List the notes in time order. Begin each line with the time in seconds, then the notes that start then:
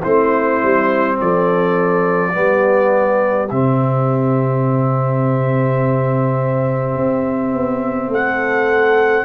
0.00 A3 C4 E4 C5
0.62 G3
1.20 F3 A4 D5
2.31 G3 B3 G4
3.50 C3 C4 E5
6.96 C4
7.53 B3
8.08 A3 A4 F#5